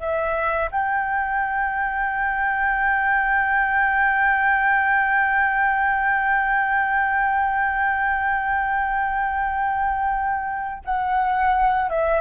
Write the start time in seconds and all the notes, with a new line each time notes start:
0.00 E5
0.71 G5
10.85 F#5
11.90 E5